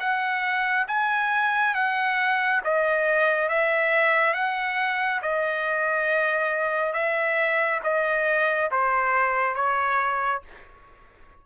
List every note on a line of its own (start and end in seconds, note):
0.00 0.87 F#5
0.88 1.75 G#5
1.75 2.62 F#5
2.64 3.49 D#5
3.49 4.34 E5
4.34 5.21 F#5
5.23 6.94 D#5
6.94 7.81 E5
7.84 8.71 D#5
8.72 9.56 C5
9.56 10.43 C#5